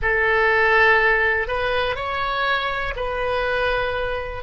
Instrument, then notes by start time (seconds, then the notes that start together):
oboe
0.01 A4
1.47 B4
1.95 C#5
2.96 B4